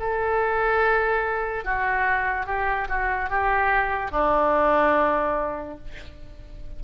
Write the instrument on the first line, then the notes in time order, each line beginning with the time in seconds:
oboe
0.00 A4
1.65 F#4
2.46 G4
2.89 F#4
3.30 G4
4.12 D4